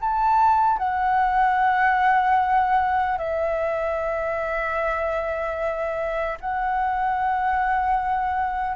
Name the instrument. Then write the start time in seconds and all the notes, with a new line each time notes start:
flute
0.00 A5
0.78 F#5
3.18 E5
6.40 F#5